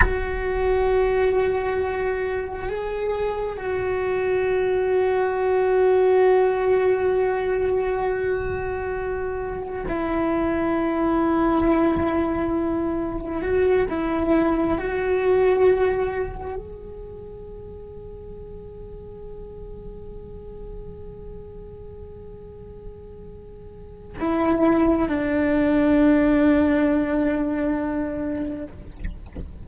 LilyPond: \new Staff \with { instrumentName = "cello" } { \time 4/4 \tempo 4 = 67 fis'2. gis'4 | fis'1~ | fis'2. e'4~ | e'2. fis'8 e'8~ |
e'8 fis'2 gis'4.~ | gis'1~ | gis'2. e'4 | d'1 | }